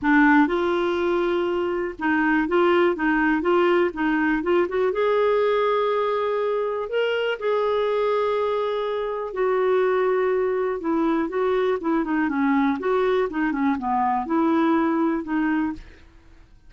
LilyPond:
\new Staff \with { instrumentName = "clarinet" } { \time 4/4 \tempo 4 = 122 d'4 f'2. | dis'4 f'4 dis'4 f'4 | dis'4 f'8 fis'8 gis'2~ | gis'2 ais'4 gis'4~ |
gis'2. fis'4~ | fis'2 e'4 fis'4 | e'8 dis'8 cis'4 fis'4 dis'8 cis'8 | b4 e'2 dis'4 | }